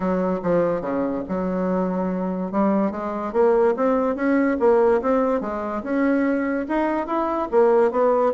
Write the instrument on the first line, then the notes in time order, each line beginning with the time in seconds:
bassoon
0.00 F#3
0.42 F3
0.81 C#3
1.28 F#3
2.51 G3
2.91 G#3
3.32 A#3
3.76 C4
4.15 C#4
4.59 A#3
5.01 C4
5.40 G#3
5.83 C#4
6.68 D#4
7.06 E4
7.51 A#3
7.91 B3